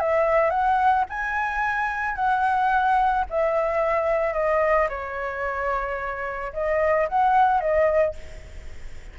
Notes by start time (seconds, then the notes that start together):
0.00 E5
0.50 F#5
1.09 G#5
2.15 F#5
3.30 E5
4.34 D#5
4.89 C#5
6.53 D#5
7.09 F#5
7.60 D#5